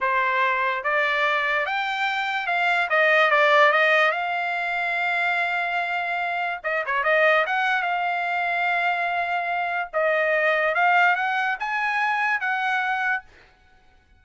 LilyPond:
\new Staff \with { instrumentName = "trumpet" } { \time 4/4 \tempo 4 = 145 c''2 d''2 | g''2 f''4 dis''4 | d''4 dis''4 f''2~ | f''1 |
dis''8 cis''8 dis''4 fis''4 f''4~ | f''1 | dis''2 f''4 fis''4 | gis''2 fis''2 | }